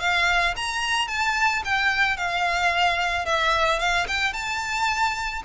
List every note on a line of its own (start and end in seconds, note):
0.00 0.55 F5
0.56 1.08 A#5
1.08 1.63 A5
1.65 2.17 G5
2.17 3.26 F5
3.26 3.80 E5
3.80 4.07 F5
4.08 4.33 G5
4.33 5.42 A5